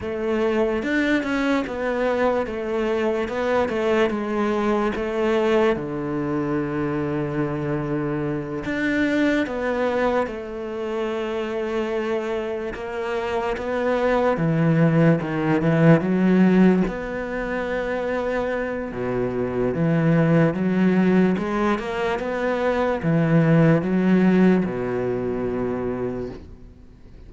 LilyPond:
\new Staff \with { instrumentName = "cello" } { \time 4/4 \tempo 4 = 73 a4 d'8 cis'8 b4 a4 | b8 a8 gis4 a4 d4~ | d2~ d8 d'4 b8~ | b8 a2. ais8~ |
ais8 b4 e4 dis8 e8 fis8~ | fis8 b2~ b8 b,4 | e4 fis4 gis8 ais8 b4 | e4 fis4 b,2 | }